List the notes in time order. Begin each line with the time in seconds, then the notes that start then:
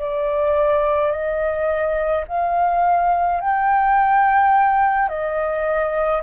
0.00 D5
1.12 D#5
2.28 F5
3.41 G5
5.09 D#5